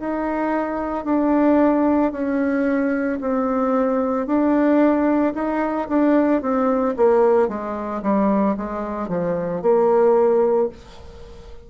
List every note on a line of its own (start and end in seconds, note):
0.00 1.05 D#4
1.05 2.12 D4
2.12 3.19 C#4
3.21 4.27 C4
4.27 5.34 D4
5.35 5.88 D#4
5.89 6.42 D4
6.42 6.95 C4
6.97 7.49 A#3
7.49 8.03 G#3
8.03 8.56 G3
8.58 9.09 G#3
9.09 9.62 F3
9.62 10.69 A#3